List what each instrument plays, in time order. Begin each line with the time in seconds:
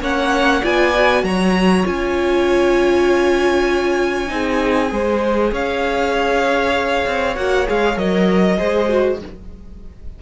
0.00 cello A#3, viola C#4, violin C#5 F#5
0.61 cello B3, viola F4, violin D5 G#5
0.94 viola F#4
1.23 cello F#3, violin C#5 A#5
1.83 cello C#4, viola F4, violin G#5
4.27 cello C4, viola D#4, violin G#4
4.89 cello G#3, viola G#4, violin C5
5.51 cello C#4, violin C#5 F5
7.06 cello C4
7.35 cello A#3, viola F#4, violin F#5
7.66 cello G#3, viola G#4, violin F5
7.96 cello F#3, viola A#4, violin D#5
8.57 cello G#3, viola G#4, violin C5
8.88 viola F#4